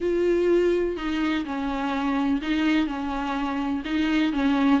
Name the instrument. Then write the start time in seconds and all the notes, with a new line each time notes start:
viola
0.00 F4
0.96 D#4
1.45 C#4
2.41 D#4
2.86 C#4
3.84 D#4
4.32 C#4